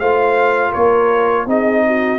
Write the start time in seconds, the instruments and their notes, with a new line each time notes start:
0.00 tuba A3, trombone F4, horn C5, trumpet F5
0.71 tuba A#3, horn A#4, trumpet C#5
1.47 tuba C4, trombone D#4, horn G#4, trumpet D#5
1.87 horn F#4